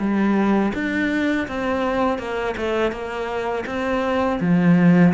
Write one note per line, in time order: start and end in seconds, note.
0.00 0.73 G3
0.75 1.48 D4
1.48 2.19 C4
2.19 2.56 A#3
2.58 2.92 A3
2.92 3.65 A#3
3.67 4.40 C4
4.41 5.14 F3